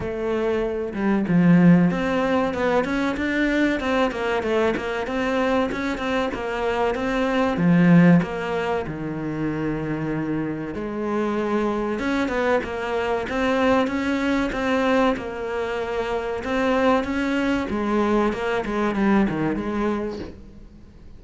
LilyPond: \new Staff \with { instrumentName = "cello" } { \time 4/4 \tempo 4 = 95 a4. g8 f4 c'4 | b8 cis'8 d'4 c'8 ais8 a8 ais8 | c'4 cis'8 c'8 ais4 c'4 | f4 ais4 dis2~ |
dis4 gis2 cis'8 b8 | ais4 c'4 cis'4 c'4 | ais2 c'4 cis'4 | gis4 ais8 gis8 g8 dis8 gis4 | }